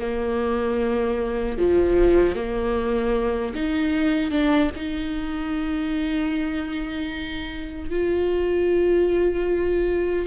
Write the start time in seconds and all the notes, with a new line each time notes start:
0.00 A#3
1.58 F3
2.36 A#3
3.55 D#4
4.31 D4
4.76 D#4
7.91 F4